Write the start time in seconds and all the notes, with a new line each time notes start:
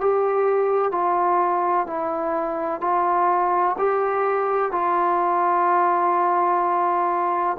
0.00 G4
0.91 F4
1.87 E4
2.81 F4
3.77 G4
4.71 F4